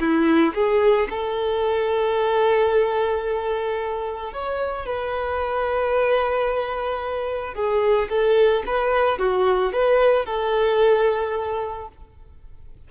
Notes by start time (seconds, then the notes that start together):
0.00 E4
0.55 G#4
1.10 A4
4.33 C#5
4.86 B4
7.55 G#4
8.10 A4
8.67 B4
9.19 F#4
9.73 B4
10.26 A4